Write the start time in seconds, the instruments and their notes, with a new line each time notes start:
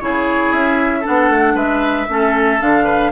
0.00 bassoon C#3, clarinet E4, oboe G#4, flute C#5
0.52 bassoon C#4, flute E5
1.00 clarinet D4, oboe A4
1.07 bassoon B3, flute F#5
1.30 bassoon A3
1.55 bassoon G#3, oboe B4, flute E5
2.09 bassoon A3, clarinet C#4, oboe A4
2.60 bassoon D3, clarinet D4, flute F5
2.84 oboe B4